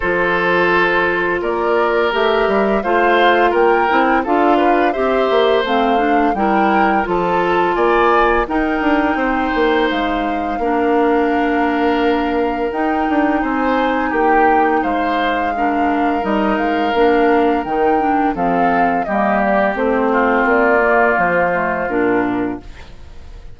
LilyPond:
<<
  \new Staff \with { instrumentName = "flute" } { \time 4/4 \tempo 4 = 85 c''2 d''4 e''4 | f''4 g''4 f''4 e''4 | f''4 g''4 a''4 gis''4 | g''2 f''2~ |
f''2 g''4 gis''4 | g''4 f''2 dis''8 f''8~ | f''4 g''4 f''4 dis''8 d''8 | c''4 d''4 c''4 ais'4 | }
  \new Staff \with { instrumentName = "oboe" } { \time 4/4 a'2 ais'2 | c''4 ais'4 a'8 b'8 c''4~ | c''4 ais'4 a'4 d''4 | ais'4 c''2 ais'4~ |
ais'2. c''4 | g'4 c''4 ais'2~ | ais'2 a'4 g'4~ | g'8 f'2.~ f'8 | }
  \new Staff \with { instrumentName = "clarinet" } { \time 4/4 f'2. g'4 | f'4. e'8 f'4 g'4 | c'8 d'8 e'4 f'2 | dis'2. d'4~ |
d'2 dis'2~ | dis'2 d'4 dis'4 | d'4 dis'8 d'8 c'4 ais4 | c'4. ais4 a8 d'4 | }
  \new Staff \with { instrumentName = "bassoon" } { \time 4/4 f2 ais4 a8 g8 | a4 ais8 c'8 d'4 c'8 ais8 | a4 g4 f4 ais4 | dis'8 d'8 c'8 ais8 gis4 ais4~ |
ais2 dis'8 d'8 c'4 | ais4 gis2 g8 gis8 | ais4 dis4 f4 g4 | a4 ais4 f4 ais,4 | }
>>